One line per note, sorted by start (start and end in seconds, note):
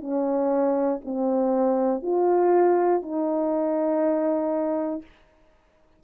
0.00 1.00 C#4
1.04 2.02 C4
2.02 3.02 F4
3.02 5.02 D#4